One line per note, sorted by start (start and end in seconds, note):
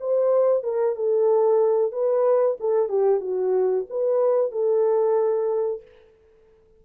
0.00 0.63 C5
0.63 0.96 A#4
0.96 1.92 A4
1.92 2.57 B4
2.60 2.89 A4
2.89 3.20 G4
3.20 3.86 F#4
3.90 4.51 B4
4.51 5.82 A4